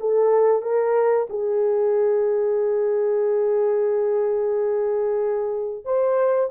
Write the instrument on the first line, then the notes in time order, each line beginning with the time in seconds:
horn
0.00 A4
0.62 A#4
1.30 G#4
5.85 C5